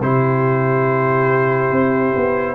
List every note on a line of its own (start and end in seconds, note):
0.00 1.71 C3
0.00 2.55 E4
0.00 2.55 G4
0.00 2.55 C5
1.71 2.14 C4
2.16 2.55 B3